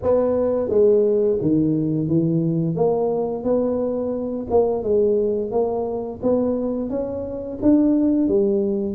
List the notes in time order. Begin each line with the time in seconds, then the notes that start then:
0.02 B3
0.69 G#3
1.41 D#3
2.07 E3
2.75 A#3
3.43 B3
4.50 A#3
4.83 G#3
5.51 A#3
6.22 B3
6.89 C#4
7.62 D4
8.28 G3